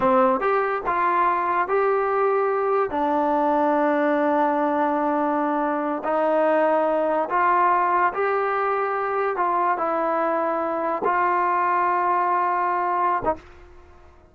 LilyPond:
\new Staff \with { instrumentName = "trombone" } { \time 4/4 \tempo 4 = 144 c'4 g'4 f'2 | g'2. d'4~ | d'1~ | d'2~ d'8 dis'4.~ |
dis'4. f'2 g'8~ | g'2~ g'8 f'4 e'8~ | e'2~ e'8 f'4.~ | f'2.~ f'8. dis'16 | }